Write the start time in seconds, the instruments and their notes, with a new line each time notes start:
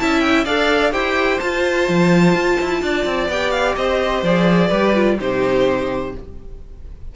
0.00 cello C#4, viola E4, violin E5 A5
0.21 violin G5
0.45 cello D4, viola A4, violin D5 F5
0.92 cello E4, viola G4, violin C5 G5
1.40 viola F4, cello F4, violin A5
1.89 cello F3
2.35 cello F4
2.61 cello E4
2.83 cello D4, violin D5
3.06 cello C4
3.29 cello B3, viola G4, violin G5
3.51 violin F5
3.77 cello C4, violin C5 D#5
4.23 cello F3, viola G#4, violin D5
4.68 cello G3, viola G4, violin B4
4.94 viola F4
5.20 cello C3, viola D#4, violin G4 C5